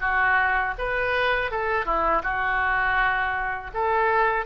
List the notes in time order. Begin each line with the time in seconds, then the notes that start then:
0.00 F#4
0.78 B4
1.51 A4
1.85 E4
2.23 F#4
3.73 A4